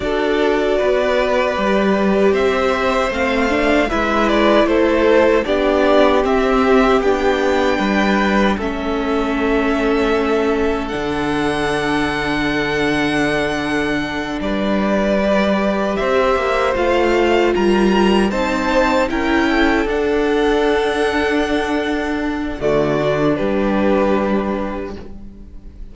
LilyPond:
<<
  \new Staff \with { instrumentName = "violin" } { \time 4/4 \tempo 4 = 77 d''2. e''4 | f''4 e''8 d''8 c''4 d''4 | e''4 g''2 e''4~ | e''2 fis''2~ |
fis''2~ fis''8 d''4.~ | d''8 e''4 f''4 ais''4 a''8~ | a''8 g''4 fis''2~ fis''8~ | fis''4 d''4 b'2 | }
  \new Staff \with { instrumentName = "violin" } { \time 4/4 a'4 b'2 c''4~ | c''4 b'4 a'4 g'4~ | g'2 b'4 a'4~ | a'1~ |
a'2~ a'8 b'4.~ | b'8 c''2 ais'4 c''8~ | c''8 ais'8 a'2.~ | a'4 fis'4 g'2 | }
  \new Staff \with { instrumentName = "viola" } { \time 4/4 fis'2 g'2 | c'8 d'8 e'2 d'4 | c'4 d'2 cis'4~ | cis'2 d'2~ |
d'2.~ d'8 g'8~ | g'4. f'2 dis'8~ | dis'8 e'4 d'2~ d'8~ | d'4 a8 d'2~ d'8 | }
  \new Staff \with { instrumentName = "cello" } { \time 4/4 d'4 b4 g4 c'4 | a4 gis4 a4 b4 | c'4 b4 g4 a4~ | a2 d2~ |
d2~ d8 g4.~ | g8 c'8 ais8 a4 g4 c'8~ | c'8 cis'4 d'2~ d'8~ | d'4 d4 g2 | }
>>